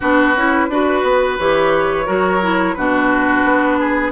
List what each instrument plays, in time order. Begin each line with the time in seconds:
0.00 bassoon B3, clarinet D4, oboe F#4, flute B4
0.36 bassoon C#4, clarinet E4
0.69 bassoon D4, clarinet F#4, oboe B4
1.03 bassoon B3
1.38 bassoon E3, clarinet G4, flute C#5
2.05 bassoon F#3, clarinet F#4, oboe A#4
2.42 clarinet E4
2.73 bassoon B2, clarinet D4, oboe F#4, flute B4
3.43 bassoon B3
3.79 oboe G#4